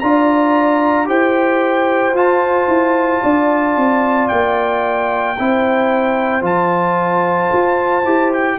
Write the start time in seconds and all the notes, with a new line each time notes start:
0.00 D4 F4 D5 A#5
1.05 E4 G4 C5 G5
2.13 F4 A5
2.67 E4
3.22 D4 D5
3.77 C4
4.28 A#3 G5
5.37 C4 E4 C5
6.42 F3 F4 A5
7.53 F4
8.04 E4 G4
8.33 G5